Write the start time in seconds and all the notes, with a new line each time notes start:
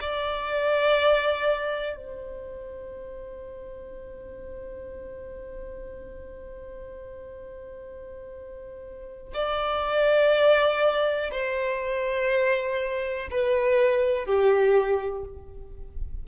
0.00 D5
1.95 C5
9.34 D5
11.31 C5
13.30 B4
14.25 G4